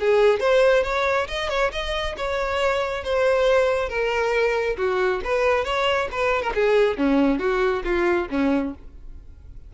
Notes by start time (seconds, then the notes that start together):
0.00 G#4
0.40 C5
0.84 C#5
1.28 D#5
1.50 C#5
1.72 D#5
2.17 C#5
3.04 C5
3.89 A#4
4.78 F#4
5.24 B4
5.65 C#5
6.12 B4
6.42 A#4
6.55 G#4
6.98 C#4
7.39 F#4
7.85 F4
8.31 C#4